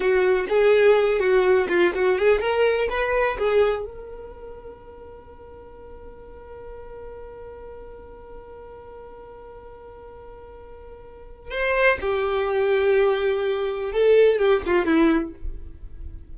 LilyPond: \new Staff \with { instrumentName = "violin" } { \time 4/4 \tempo 4 = 125 fis'4 gis'4. fis'4 f'8 | fis'8 gis'8 ais'4 b'4 gis'4 | ais'1~ | ais'1~ |
ais'1~ | ais'1 | c''4 g'2.~ | g'4 a'4 g'8 f'8 e'4 | }